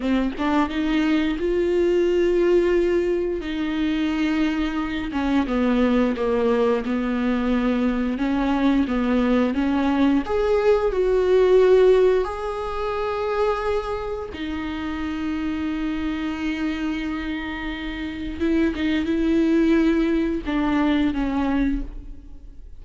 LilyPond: \new Staff \with { instrumentName = "viola" } { \time 4/4 \tempo 4 = 88 c'8 d'8 dis'4 f'2~ | f'4 dis'2~ dis'8 cis'8 | b4 ais4 b2 | cis'4 b4 cis'4 gis'4 |
fis'2 gis'2~ | gis'4 dis'2.~ | dis'2. e'8 dis'8 | e'2 d'4 cis'4 | }